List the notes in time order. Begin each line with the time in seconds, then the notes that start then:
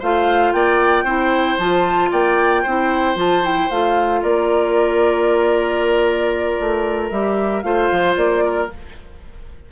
0.00 A3 F4 C5 F5
0.53 A#3 D5 G5
1.04 C4 E4 C5
1.59 F3 F4 A5
2.12 A#3 D5 G5
2.63 C4 E4 C5
3.16 F3 F4 A5
3.43 E4 G5
3.71 A3 F4 F5
4.23 A#3 A#4 D5
6.60 A3
7.10 G3 G4 E5
7.62 A3 F4 C5 F5
7.92 F3
8.17 A#3 D5
8.46 A#4